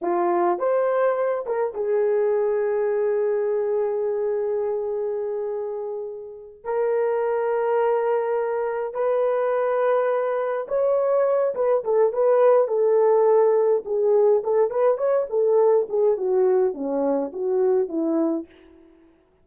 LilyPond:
\new Staff \with { instrumentName = "horn" } { \time 4/4 \tempo 4 = 104 f'4 c''4. ais'8 gis'4~ | gis'1~ | gis'2.~ gis'8 ais'8~ | ais'2.~ ais'8 b'8~ |
b'2~ b'8 cis''4. | b'8 a'8 b'4 a'2 | gis'4 a'8 b'8 cis''8 a'4 gis'8 | fis'4 cis'4 fis'4 e'4 | }